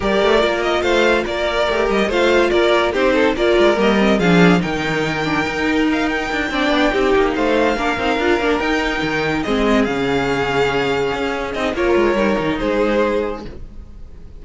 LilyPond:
<<
  \new Staff \with { instrumentName = "violin" } { \time 4/4 \tempo 4 = 143 d''4. dis''8 f''4 d''4~ | d''8 dis''8 f''4 d''4 c''4 | d''4 dis''4 f''4 g''4~ | g''2 f''8 g''4.~ |
g''4. f''2~ f''8~ | f''8 g''2 dis''4 f''8~ | f''2.~ f''8 dis''8 | cis''2 c''2 | }
  \new Staff \with { instrumentName = "violin" } { \time 4/4 ais'2 c''4 ais'4~ | ais'4 c''4 ais'4 g'8 a'8 | ais'2 gis'4 ais'4~ | ais'2.~ ais'8 d''8~ |
d''8 g'4 c''4 ais'4.~ | ais'2~ ais'8 gis'4.~ | gis'1 | ais'2 gis'2 | }
  \new Staff \with { instrumentName = "viola" } { \time 4/4 g'4 f'2. | g'4 f'2 dis'4 | f'4 ais8 c'8 d'4 dis'4~ | dis'8 d'8 dis'2~ dis'8 d'8~ |
d'8 dis'2 d'8 dis'8 f'8 | d'8 dis'2 c'4 cis'8~ | cis'2.~ cis'8 dis'8 | f'4 dis'2. | }
  \new Staff \with { instrumentName = "cello" } { \time 4/4 g8 a8 ais4 a4 ais4 | a8 g8 a4 ais4 c'4 | ais8 gis8 g4 f4 dis4~ | dis4 dis'2 d'8 c'8 |
b8 c'8 ais8 a4 ais8 c'8 d'8 | ais8 dis'4 dis4 gis4 cis8~ | cis2~ cis8 cis'4 c'8 | ais8 gis8 g8 dis8 gis2 | }
>>